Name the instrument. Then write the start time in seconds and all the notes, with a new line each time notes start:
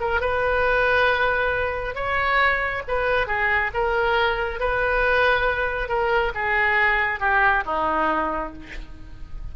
oboe
0.00 A#4
0.21 B4
1.95 C#5
2.87 B4
3.27 G#4
3.74 A#4
4.60 B4
5.88 A#4
6.35 G#4
7.20 G4
7.65 D#4